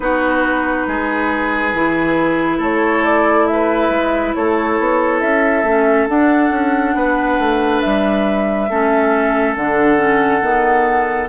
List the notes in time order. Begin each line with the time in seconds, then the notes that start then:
0.00 B3 D#4 F#4 B4
0.87 G#3 G#4
1.73 E3 E4
2.57 A3 A4 C#5
3.04 D5
3.47 B4 E5
3.89 G#3
4.34 A3 A4 C#5
4.79 B3
5.20 C#4 E5
5.63 A3 C#4
6.07 D4 F#5
6.51 C#4
6.94 B3 B4
7.39 A3
7.80 G3 E5
8.69 A3 C#4 A4
9.55 D3 D4 F#5
9.97 C#4
10.41 D#3 B3